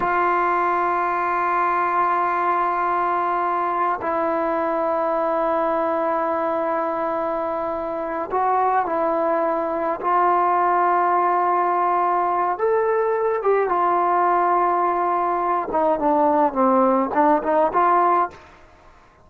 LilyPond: \new Staff \with { instrumentName = "trombone" } { \time 4/4 \tempo 4 = 105 f'1~ | f'2. e'4~ | e'1~ | e'2~ e'8 fis'4 e'8~ |
e'4. f'2~ f'8~ | f'2 a'4. g'8 | f'2.~ f'8 dis'8 | d'4 c'4 d'8 dis'8 f'4 | }